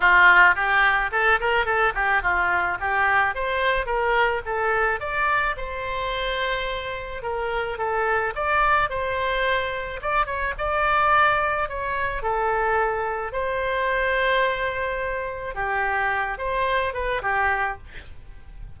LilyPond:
\new Staff \with { instrumentName = "oboe" } { \time 4/4 \tempo 4 = 108 f'4 g'4 a'8 ais'8 a'8 g'8 | f'4 g'4 c''4 ais'4 | a'4 d''4 c''2~ | c''4 ais'4 a'4 d''4 |
c''2 d''8 cis''8 d''4~ | d''4 cis''4 a'2 | c''1 | g'4. c''4 b'8 g'4 | }